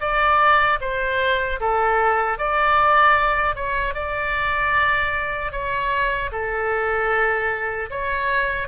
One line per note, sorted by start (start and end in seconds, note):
0.00 0.79 D5
0.80 1.59 C5
1.60 2.38 A4
2.38 3.55 D5
3.55 3.94 C#5
3.94 5.52 D5
5.52 6.31 C#5
6.32 7.89 A4
7.90 8.68 C#5